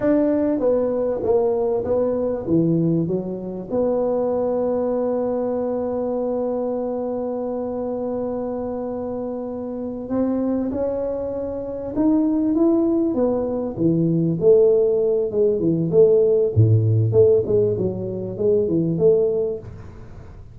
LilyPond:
\new Staff \with { instrumentName = "tuba" } { \time 4/4 \tempo 4 = 98 d'4 b4 ais4 b4 | e4 fis4 b2~ | b1~ | b1~ |
b8 c'4 cis'2 dis'8~ | dis'8 e'4 b4 e4 a8~ | a4 gis8 e8 a4 a,4 | a8 gis8 fis4 gis8 e8 a4 | }